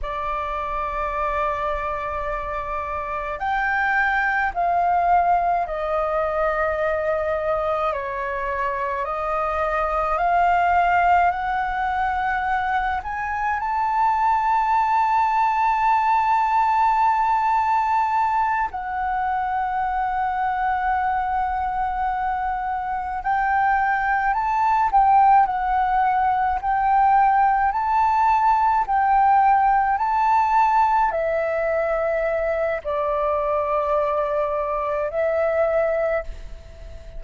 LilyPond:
\new Staff \with { instrumentName = "flute" } { \time 4/4 \tempo 4 = 53 d''2. g''4 | f''4 dis''2 cis''4 | dis''4 f''4 fis''4. gis''8 | a''1~ |
a''8 fis''2.~ fis''8~ | fis''8 g''4 a''8 g''8 fis''4 g''8~ | g''8 a''4 g''4 a''4 e''8~ | e''4 d''2 e''4 | }